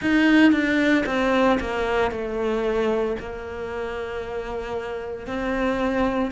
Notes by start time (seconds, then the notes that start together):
0.01 D#4
0.52 D4
1.06 C4
1.60 A#3
2.11 A3
3.19 A#3
5.26 C4